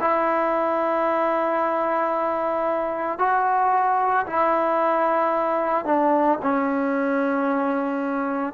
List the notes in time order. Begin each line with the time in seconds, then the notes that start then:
0.00 E4
3.19 F#4
4.26 E4
5.85 D4
6.42 C#4